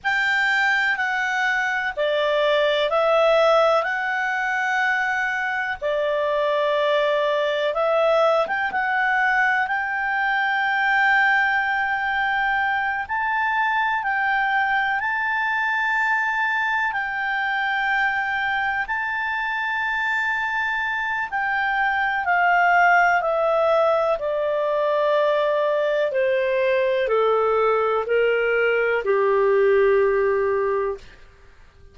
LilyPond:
\new Staff \with { instrumentName = "clarinet" } { \time 4/4 \tempo 4 = 62 g''4 fis''4 d''4 e''4 | fis''2 d''2 | e''8. g''16 fis''4 g''2~ | g''4. a''4 g''4 a''8~ |
a''4. g''2 a''8~ | a''2 g''4 f''4 | e''4 d''2 c''4 | a'4 ais'4 g'2 | }